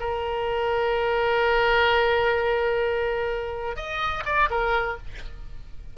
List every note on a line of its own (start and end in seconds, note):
0.00 3.76 A#4
3.76 4.23 D#5
4.25 4.49 D5
4.50 4.97 A#4